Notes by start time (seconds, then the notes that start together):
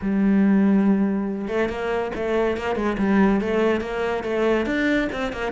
0.01 G3
1.48 A3
1.69 A#3
2.15 A3
2.57 A#3
2.75 G#3
2.98 G3
3.40 A3
3.81 A#3
4.23 A3
4.65 D4
5.12 C4
5.32 A#3